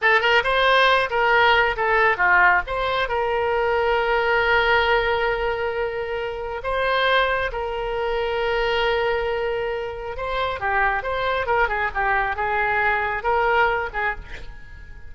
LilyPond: \new Staff \with { instrumentName = "oboe" } { \time 4/4 \tempo 4 = 136 a'8 ais'8 c''4. ais'4. | a'4 f'4 c''4 ais'4~ | ais'1~ | ais'2. c''4~ |
c''4 ais'2.~ | ais'2. c''4 | g'4 c''4 ais'8 gis'8 g'4 | gis'2 ais'4. gis'8 | }